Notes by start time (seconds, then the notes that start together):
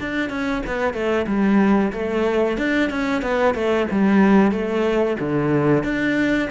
0.00 D4
0.30 C#4
0.66 B3
0.93 A3
1.27 G3
1.92 A3
2.58 D4
2.90 C#4
3.22 B3
3.54 A3
3.91 G3
4.51 A3
5.19 D3
5.83 D4